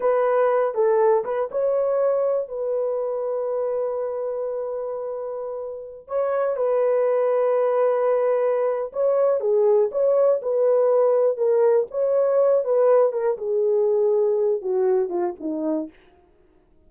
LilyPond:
\new Staff \with { instrumentName = "horn" } { \time 4/4 \tempo 4 = 121 b'4. a'4 b'8 cis''4~ | cis''4 b'2.~ | b'1~ | b'16 cis''4 b'2~ b'8.~ |
b'2 cis''4 gis'4 | cis''4 b'2 ais'4 | cis''4. b'4 ais'8 gis'4~ | gis'4. fis'4 f'8 dis'4 | }